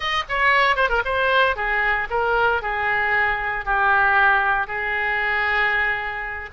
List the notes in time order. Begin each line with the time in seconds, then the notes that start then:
0.00 D#5
0.28 C#5
0.76 C5
0.89 A#4
1.05 C5
1.56 G#4
2.10 A#4
2.62 G#4
3.65 G4
4.67 G#4